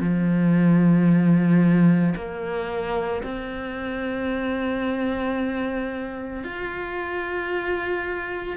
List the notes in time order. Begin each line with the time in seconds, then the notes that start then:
0.00 F3
2.16 A#3
3.23 C4
6.44 F4